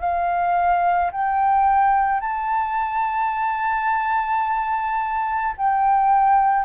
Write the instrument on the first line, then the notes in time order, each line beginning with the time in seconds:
flute
0.00 F5
1.12 G5
2.21 A5
5.57 G5